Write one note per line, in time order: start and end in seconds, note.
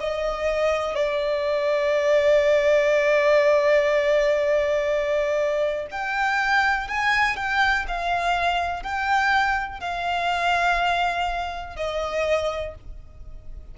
0.00 0.96 D#5
0.96 5.87 D5
5.92 6.88 G5
6.88 7.36 G#5
7.36 7.86 G5
7.88 8.83 F5
8.83 9.80 G5
9.80 11.77 F5
11.77 12.75 D#5